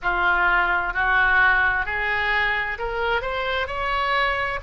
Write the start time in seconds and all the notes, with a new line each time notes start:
0.02 F4
0.93 F#4
1.85 G#4
2.78 A#4
3.21 C5
3.67 C#5